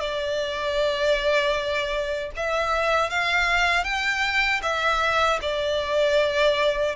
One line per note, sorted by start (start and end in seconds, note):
0.00 2.31 D5
2.36 3.10 E5
3.10 3.84 F5
3.84 4.61 G5
4.63 5.40 E5
5.42 6.96 D5